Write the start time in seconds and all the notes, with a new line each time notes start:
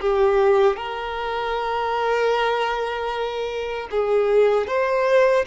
0.00 G4
0.76 A#4
3.90 G#4
4.67 C5